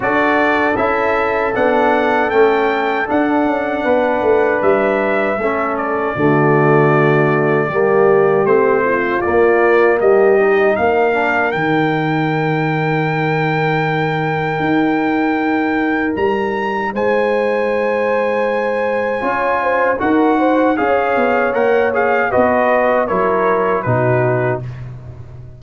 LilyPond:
<<
  \new Staff \with { instrumentName = "trumpet" } { \time 4/4 \tempo 4 = 78 d''4 e''4 fis''4 g''4 | fis''2 e''4. d''8~ | d''2. c''4 | d''4 dis''4 f''4 g''4~ |
g''1~ | g''4 ais''4 gis''2~ | gis''2 fis''4 f''4 | fis''8 f''8 dis''4 cis''4 b'4 | }
  \new Staff \with { instrumentName = "horn" } { \time 4/4 a'1~ | a'4 b'2 a'4 | fis'2 g'4. f'8~ | f'4 g'4 ais'2~ |
ais'1~ | ais'2 c''2~ | c''4 cis''8 c''8 ais'8 c''8 cis''4~ | cis''4 b'4 ais'4 fis'4 | }
  \new Staff \with { instrumentName = "trombone" } { \time 4/4 fis'4 e'4 d'4 cis'4 | d'2. cis'4 | a2 ais4 c'4 | ais4. dis'4 d'8 dis'4~ |
dis'1~ | dis'1~ | dis'4 f'4 fis'4 gis'4 | ais'8 gis'8 fis'4 e'4 dis'4 | }
  \new Staff \with { instrumentName = "tuba" } { \time 4/4 d'4 cis'4 b4 a4 | d'8 cis'8 b8 a8 g4 a4 | d2 g4 a4 | ais4 g4 ais4 dis4~ |
dis2. dis'4~ | dis'4 g4 gis2~ | gis4 cis'4 dis'4 cis'8 b8 | ais4 b4 fis4 b,4 | }
>>